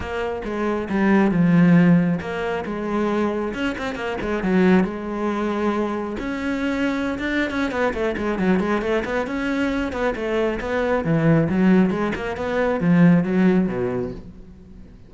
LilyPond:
\new Staff \with { instrumentName = "cello" } { \time 4/4 \tempo 4 = 136 ais4 gis4 g4 f4~ | f4 ais4 gis2 | cis'8 c'8 ais8 gis8 fis4 gis4~ | gis2 cis'2~ |
cis'16 d'8. cis'8 b8 a8 gis8 fis8 gis8 | a8 b8 cis'4. b8 a4 | b4 e4 fis4 gis8 ais8 | b4 f4 fis4 b,4 | }